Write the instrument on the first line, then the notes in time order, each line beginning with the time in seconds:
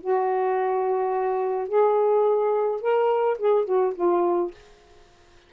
saxophone
0.00 F#4
1.68 G#4
2.81 A#4
3.38 G#4
3.65 F#4
3.94 F4